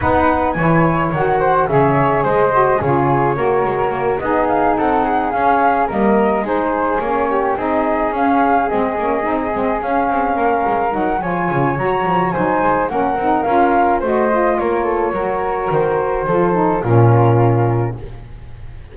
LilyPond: <<
  \new Staff \with { instrumentName = "flute" } { \time 4/4 \tempo 4 = 107 fis''4 gis''4 fis''4 e''4 | dis''4 cis''2~ cis''8 dis''8 | f''8 fis''4 f''4 dis''4 c''8~ | c''8 cis''4 dis''4 f''4 dis''8~ |
dis''4. f''2 fis''8 | gis''4 ais''4 gis''4 fis''4 | f''4 dis''4 cis''2 | c''2 ais'2 | }
  \new Staff \with { instrumentName = "flute" } { \time 4/4 b'4 cis''4. c''8 cis''4 | c''4 gis'4 ais'4. gis'8~ | gis'8 a'8 gis'4. ais'4 gis'8~ | gis'4 g'8 gis'2~ gis'8~ |
gis'2~ gis'8 ais'4. | cis''2 c''4 ais'4~ | ais'4 c''4 ais'8 a'8 ais'4~ | ais'4 a'4 f'2 | }
  \new Staff \with { instrumentName = "saxophone" } { \time 4/4 dis'4 e'4 fis'4 gis'4~ | gis'8 fis'8 f'4 fis'4. dis'8~ | dis'4. cis'4 ais4 dis'8~ | dis'8 cis'4 dis'4 cis'4 c'8 |
cis'8 dis'8 c'8 cis'2 dis'8 | f'4 fis'4 dis'4 cis'8 dis'8 | f'4 fis'8 f'4. fis'4~ | fis'4 f'8 dis'8 cis'2 | }
  \new Staff \with { instrumentName = "double bass" } { \time 4/4 b4 e4 dis4 cis4 | gis4 cis4 ais8 gis8 ais8 b8~ | b8 c'4 cis'4 g4 gis8~ | gis8 ais4 c'4 cis'4 gis8 |
ais8 c'8 gis8 cis'8 c'8 ais8 gis8 fis8 | f8 cis8 fis8 f8 fis8 gis8 ais8 c'8 | cis'4 a4 ais4 fis4 | dis4 f4 ais,2 | }
>>